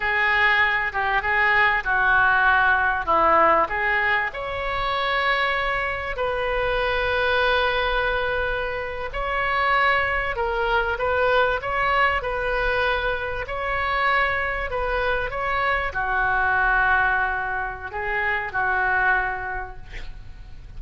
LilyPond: \new Staff \with { instrumentName = "oboe" } { \time 4/4 \tempo 4 = 97 gis'4. g'8 gis'4 fis'4~ | fis'4 e'4 gis'4 cis''4~ | cis''2 b'2~ | b'2~ b'8. cis''4~ cis''16~ |
cis''8. ais'4 b'4 cis''4 b'16~ | b'4.~ b'16 cis''2 b'16~ | b'8. cis''4 fis'2~ fis'16~ | fis'4 gis'4 fis'2 | }